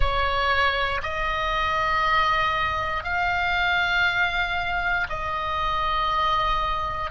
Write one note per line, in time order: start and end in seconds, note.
0.00 1.01 C#5
1.02 3.03 D#5
3.03 5.07 F5
5.09 7.10 D#5